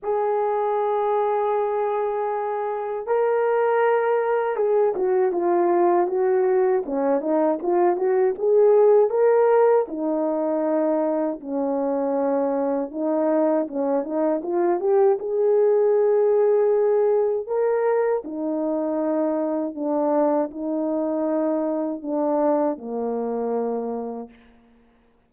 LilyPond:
\new Staff \with { instrumentName = "horn" } { \time 4/4 \tempo 4 = 79 gis'1 | ais'2 gis'8 fis'8 f'4 | fis'4 cis'8 dis'8 f'8 fis'8 gis'4 | ais'4 dis'2 cis'4~ |
cis'4 dis'4 cis'8 dis'8 f'8 g'8 | gis'2. ais'4 | dis'2 d'4 dis'4~ | dis'4 d'4 ais2 | }